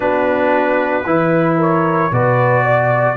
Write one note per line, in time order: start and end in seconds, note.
0.00 1.05 B3
0.00 1.04 D4
0.00 1.05 F#4
0.00 1.54 B4
1.05 2.10 E3
1.05 2.11 E4
1.05 1.57 B4
1.57 2.10 A#4
1.57 2.13 C#5
2.11 3.16 B2
2.11 3.16 F#4
2.11 2.62 B4
2.11 3.16 D5
2.62 3.15 D5